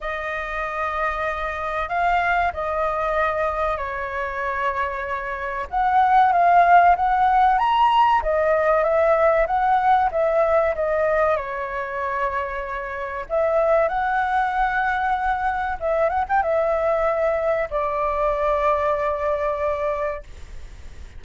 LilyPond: \new Staff \with { instrumentName = "flute" } { \time 4/4 \tempo 4 = 95 dis''2. f''4 | dis''2 cis''2~ | cis''4 fis''4 f''4 fis''4 | ais''4 dis''4 e''4 fis''4 |
e''4 dis''4 cis''2~ | cis''4 e''4 fis''2~ | fis''4 e''8 fis''16 g''16 e''2 | d''1 | }